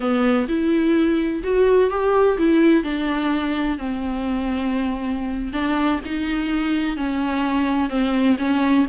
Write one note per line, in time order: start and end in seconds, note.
0.00 0.46 B3
0.48 1.42 E4
1.43 1.90 F#4
1.90 2.37 G4
2.38 2.83 E4
2.83 3.78 D4
3.78 5.52 C4
5.52 6.00 D4
6.05 6.96 D#4
6.96 7.89 C#4
7.89 8.36 C4
8.38 8.85 C#4